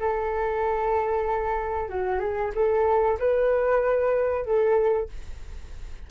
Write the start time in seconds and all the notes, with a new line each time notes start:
0.00 A4
1.89 F#4
2.20 G#4
2.55 A4
3.20 B4
4.46 A4